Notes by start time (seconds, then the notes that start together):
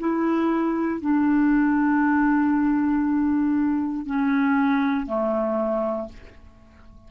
0.00 E4
1.01 D4
4.06 C#4
5.07 A3